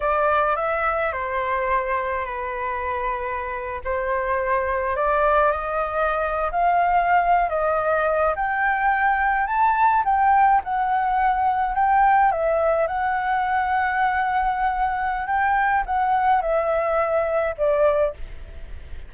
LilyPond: \new Staff \with { instrumentName = "flute" } { \time 4/4 \tempo 4 = 106 d''4 e''4 c''2 | b'2~ b'8. c''4~ c''16~ | c''8. d''4 dis''4.~ dis''16 f''8~ | f''4~ f''16 dis''4. g''4~ g''16~ |
g''8. a''4 g''4 fis''4~ fis''16~ | fis''8. g''4 e''4 fis''4~ fis''16~ | fis''2. g''4 | fis''4 e''2 d''4 | }